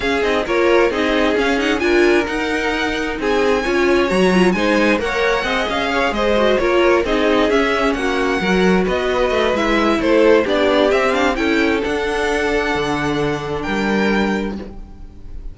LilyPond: <<
  \new Staff \with { instrumentName = "violin" } { \time 4/4 \tempo 4 = 132 f''8 dis''8 cis''4 dis''4 f''8 fis''8 | gis''4 fis''2 gis''4~ | gis''4 ais''4 gis''4 fis''4~ | fis''8 f''4 dis''4 cis''4 dis''8~ |
dis''8 e''4 fis''2 dis''8~ | dis''4 e''4 c''4 d''4 | e''8 f''8 g''4 fis''2~ | fis''2 g''2 | }
  \new Staff \with { instrumentName = "violin" } { \time 4/4 gis'4 ais'4 gis'2 | ais'2. gis'4 | cis''2 c''4 cis''4 | dis''4 cis''8 c''4 ais'4 gis'8~ |
gis'4. fis'4 ais'4 b'8~ | b'2 a'4 g'4~ | g'4 a'2.~ | a'2 ais'2 | }
  \new Staff \with { instrumentName = "viola" } { \time 4/4 cis'8 dis'8 f'4 dis'4 cis'8 dis'8 | f'4 dis'2. | f'4 fis'8 f'8 dis'4 ais'4 | gis'2 fis'8 f'4 dis'8~ |
dis'8 cis'2 fis'4.~ | fis'4 e'2 d'4 | c'8 d'8 e'4 d'2~ | d'1 | }
  \new Staff \with { instrumentName = "cello" } { \time 4/4 cis'8 c'8 ais4 c'4 cis'4 | d'4 dis'2 c'4 | cis'4 fis4 gis4 ais4 | c'8 cis'4 gis4 ais4 c'8~ |
c'8 cis'4 ais4 fis4 b8~ | b8 a8 gis4 a4 b4 | c'4 cis'4 d'2 | d2 g2 | }
>>